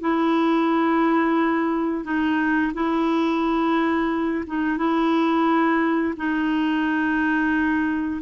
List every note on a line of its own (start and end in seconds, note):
0.00 2.04 E4
2.04 2.72 D#4
2.74 4.44 E4
4.47 4.77 D#4
4.77 6.14 E4
6.16 8.21 D#4